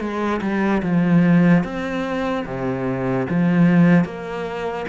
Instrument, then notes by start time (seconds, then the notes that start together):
cello
0.00 G#3
0.41 G3
0.82 F3
1.64 C4
2.45 C3
3.29 F3
4.04 A#3